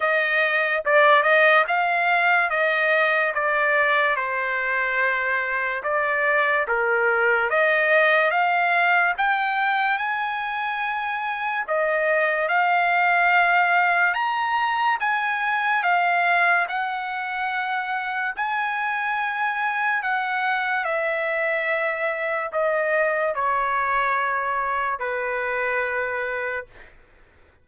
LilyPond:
\new Staff \with { instrumentName = "trumpet" } { \time 4/4 \tempo 4 = 72 dis''4 d''8 dis''8 f''4 dis''4 | d''4 c''2 d''4 | ais'4 dis''4 f''4 g''4 | gis''2 dis''4 f''4~ |
f''4 ais''4 gis''4 f''4 | fis''2 gis''2 | fis''4 e''2 dis''4 | cis''2 b'2 | }